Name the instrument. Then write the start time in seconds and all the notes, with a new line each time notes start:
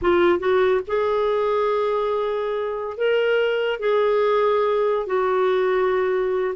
clarinet
0.01 F4
0.39 F#4
0.87 G#4
2.97 A#4
3.79 G#4
5.06 F#4